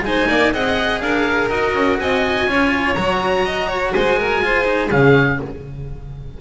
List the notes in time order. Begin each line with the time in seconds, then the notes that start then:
0.00 G#3 D#4 G#5
0.06 C5
0.28 A#3 D5
0.52 C4 G#4 D#5 F#5
1.00 D4 A#4 F5
1.49 D#4 F#4 D#5
1.74 C#4
1.98 C4 D#5 G#5
2.46 C#4 F4 C#5
2.94 F#3 F#4 A#5
3.45 D#5
3.67 C#5
3.93 G#3 C5 G#5
4.19 A#4
4.42 F4 C5
4.64 D#4
4.89 C#3 C#4 G#4 F5